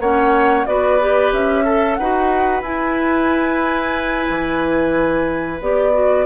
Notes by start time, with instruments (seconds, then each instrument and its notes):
0.00 bassoon A#3, clarinet C#4, oboe C#5, flute F#5
0.66 bassoon B3, clarinet F#4, oboe B4, flute D5
1.00 clarinet G4
1.33 bassoon C#4, flute E5
1.64 oboe A4, clarinet A4
1.95 bassoon D#4, oboe B4, flute F#5
2.01 clarinet F#4
2.62 bassoon E4, clarinet E4, flute G#5
4.30 bassoon E3
5.61 bassoon B3, clarinet G4, flute D5
5.93 clarinet F#4